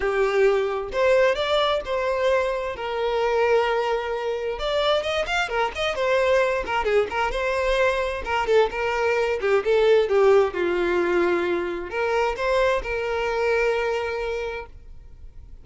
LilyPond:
\new Staff \with { instrumentName = "violin" } { \time 4/4 \tempo 4 = 131 g'2 c''4 d''4 | c''2 ais'2~ | ais'2 d''4 dis''8 f''8 | ais'8 dis''8 c''4. ais'8 gis'8 ais'8 |
c''2 ais'8 a'8 ais'4~ | ais'8 g'8 a'4 g'4 f'4~ | f'2 ais'4 c''4 | ais'1 | }